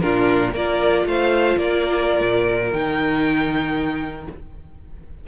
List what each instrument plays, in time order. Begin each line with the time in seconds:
0.00 cello A#2, viola D4, violin F4 A#4
0.52 cello A#3, viola F4, violin A#4 D5
1.05 cello A3, violin C5 F5
1.57 cello A#3, violin A#4 D5
2.20 cello A#2
2.72 cello D#3, viola D#4, violin G5